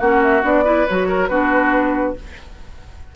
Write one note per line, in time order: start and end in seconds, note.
0.00 0.44 A#3
0.00 0.42 C#4
0.00 0.65 F#4
0.00 0.22 F#5
0.22 0.44 E5
0.42 0.87 B3
0.42 0.64 D4
0.42 0.87 D5
0.65 0.86 E4
0.65 1.08 B4
0.87 1.30 F#3
0.87 1.30 F#4
0.87 1.28 C#5
1.08 1.30 A#4
1.28 2.16 B3
1.28 2.16 D4
1.28 2.16 F#4
1.28 2.14 B4